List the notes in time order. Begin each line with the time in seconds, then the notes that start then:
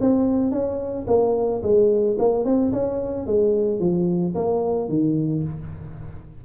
0.00 C4
0.51 C#4
1.07 A#3
1.62 G#3
2.19 A#3
2.45 C4
2.72 C#4
3.27 G#3
3.80 F3
4.35 A#3
4.89 D#3